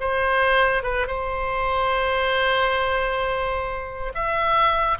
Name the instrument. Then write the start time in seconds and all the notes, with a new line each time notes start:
oboe
0.00 C5
0.83 B4
1.07 C5
4.15 E5